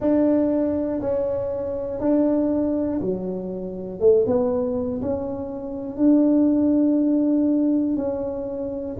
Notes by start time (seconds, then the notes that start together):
0.00 D4
1.00 C#4
2.00 D4
3.00 F#3
4.00 A3
4.26 B3
5.01 C#4
5.96 D4
7.96 C#4